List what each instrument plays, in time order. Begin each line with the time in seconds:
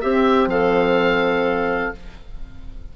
0.00 bassoon C4, horn C4, clarinet G4, oboe E5
0.46 bassoon F3, clarinet A4, oboe F5